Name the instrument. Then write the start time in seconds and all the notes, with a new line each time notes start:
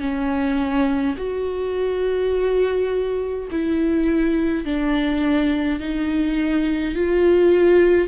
viola
0.00 C#4
1.17 F#4
3.51 E4
4.65 D4
5.80 D#4
6.95 F4